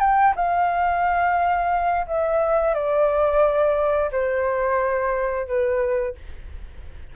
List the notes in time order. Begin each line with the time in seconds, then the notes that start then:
0.00 G5
0.36 F5
2.07 E5
2.75 D5
4.12 C5
5.47 B4